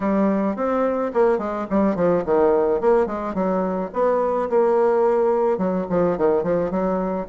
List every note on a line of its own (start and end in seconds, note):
0.00 0.56 G3
0.56 1.12 C4
1.13 1.38 A#3
1.38 1.66 G#3
1.70 1.95 G3
1.95 2.23 F3
2.25 2.80 D#3
2.80 3.06 A#3
3.06 3.34 G#3
3.34 3.90 F#3
3.93 4.49 B3
4.49 5.57 A#3
5.57 5.85 F#3
5.89 6.17 F3
6.17 6.43 D#3
6.43 6.70 F3
6.70 7.26 F#3